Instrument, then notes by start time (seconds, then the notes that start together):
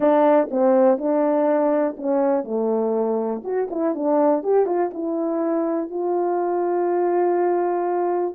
horn
0.00 D4
0.51 C4
0.97 D4
1.97 C#4
2.44 A3
3.44 F#4
3.70 E4
3.94 D4
4.43 G4
4.66 F4
4.93 E4
5.89 F4